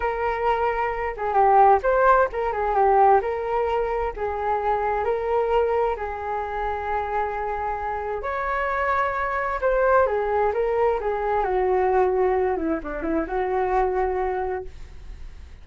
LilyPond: \new Staff \with { instrumentName = "flute" } { \time 4/4 \tempo 4 = 131 ais'2~ ais'8 gis'8 g'4 | c''4 ais'8 gis'8 g'4 ais'4~ | ais'4 gis'2 ais'4~ | ais'4 gis'2.~ |
gis'2 cis''2~ | cis''4 c''4 gis'4 ais'4 | gis'4 fis'2~ fis'8 e'8 | d'8 e'8 fis'2. | }